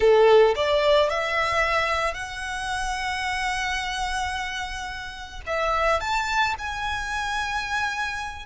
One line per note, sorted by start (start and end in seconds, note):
0.00 0.55 A4
0.55 1.09 D5
1.09 2.13 E5
2.13 5.41 F#5
5.46 6.00 E5
6.00 6.55 A5
6.58 8.45 G#5